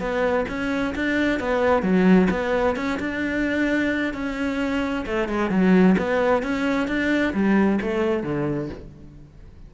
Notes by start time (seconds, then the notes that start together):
0.00 B3
0.49 C#4
0.96 D4
1.40 B3
1.83 F#3
2.31 B3
2.76 C#4
3.00 D4
4.14 C#4
5.07 A3
5.29 G#3
5.51 F#3
5.98 B3
6.43 C#4
6.88 D4
7.34 G3
7.82 A3
8.24 D3